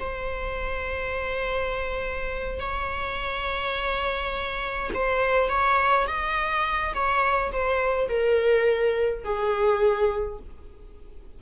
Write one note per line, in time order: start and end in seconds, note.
0.00 2.60 C5
2.60 4.91 C#5
4.95 5.49 C5
5.49 6.07 C#5
6.08 6.94 D#5
6.94 7.52 C#5
7.53 8.09 C5
8.09 9.25 A#4
9.25 10.40 G#4